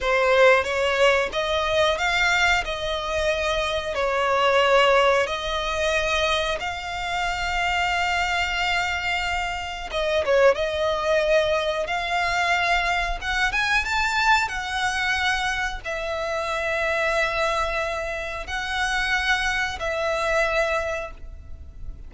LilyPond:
\new Staff \with { instrumentName = "violin" } { \time 4/4 \tempo 4 = 91 c''4 cis''4 dis''4 f''4 | dis''2 cis''2 | dis''2 f''2~ | f''2. dis''8 cis''8 |
dis''2 f''2 | fis''8 gis''8 a''4 fis''2 | e''1 | fis''2 e''2 | }